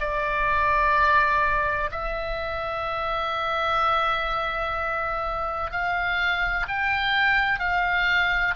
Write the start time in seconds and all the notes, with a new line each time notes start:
0.00 D5
1.91 E5
5.71 F5
6.68 G5
7.59 F5